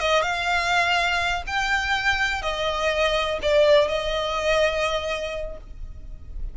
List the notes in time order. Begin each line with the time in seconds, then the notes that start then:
0.00 D#5
0.22 F5
1.47 G5
2.42 D#5
3.42 D5
3.88 D#5